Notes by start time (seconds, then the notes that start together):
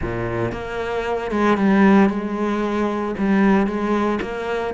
0.01 A#2
0.52 A#3
1.31 G#3
1.57 G3
2.09 G#3
3.18 G3
3.66 G#3
4.21 A#3